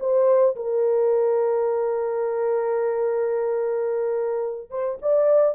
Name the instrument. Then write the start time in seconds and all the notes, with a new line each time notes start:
horn
0.00 C5
0.56 A#4
4.70 C5
5.02 D5